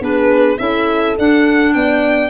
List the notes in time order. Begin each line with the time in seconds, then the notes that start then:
0.00 B3 D4 G#4 B4
0.58 C#4 E4 A4 E5
1.18 D4 F#5
1.73 B3 D5 G5